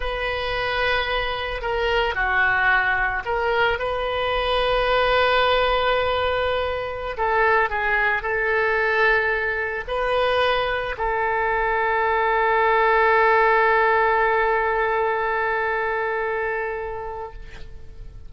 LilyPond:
\new Staff \with { instrumentName = "oboe" } { \time 4/4 \tempo 4 = 111 b'2. ais'4 | fis'2 ais'4 b'4~ | b'1~ | b'4~ b'16 a'4 gis'4 a'8.~ |
a'2~ a'16 b'4.~ b'16~ | b'16 a'2.~ a'8.~ | a'1~ | a'1 | }